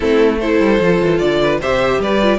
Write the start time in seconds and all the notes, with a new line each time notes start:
0.00 A3 C4 E4 A4
0.39 E4 A4 C5
0.59 G3
0.80 F3 F4
1.00 E3
1.18 D3 D5
1.42 B4
1.60 C3 G4 C5 E5
1.99 G3 B4 D5
2.22 F4